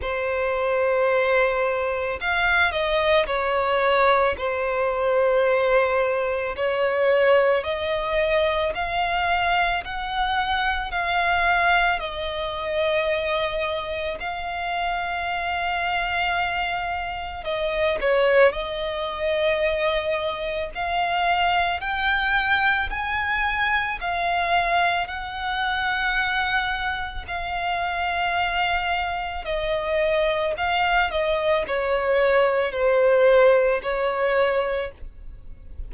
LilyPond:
\new Staff \with { instrumentName = "violin" } { \time 4/4 \tempo 4 = 55 c''2 f''8 dis''8 cis''4 | c''2 cis''4 dis''4 | f''4 fis''4 f''4 dis''4~ | dis''4 f''2. |
dis''8 cis''8 dis''2 f''4 | g''4 gis''4 f''4 fis''4~ | fis''4 f''2 dis''4 | f''8 dis''8 cis''4 c''4 cis''4 | }